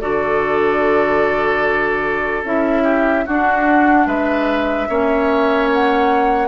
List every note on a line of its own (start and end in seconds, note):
0.00 2.43 D3
0.00 2.44 F#4
0.00 2.83 A4
0.00 2.43 D5
2.43 3.24 C#4
2.43 3.26 E4
2.43 3.27 E5
2.83 3.24 G4
3.26 4.06 D4
3.26 4.88 D4
3.26 4.07 F#4
3.26 4.07 F#5
4.06 4.87 G#3
4.06 4.88 B4
4.06 5.69 E5
4.88 6.48 A#3
4.88 6.48 C#4
4.88 6.48 C#5
5.72 6.48 F#5